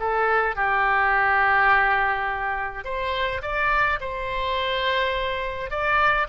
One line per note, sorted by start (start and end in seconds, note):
0.00 0.56 A4
0.56 2.85 G4
2.85 3.42 C5
3.42 3.99 D5
4.01 5.70 C5
5.70 6.28 D5